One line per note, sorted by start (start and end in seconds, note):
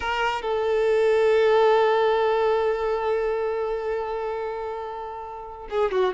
0.00 0.42 A#4
0.42 5.67 A4
5.70 5.91 G#4
5.91 6.13 F#4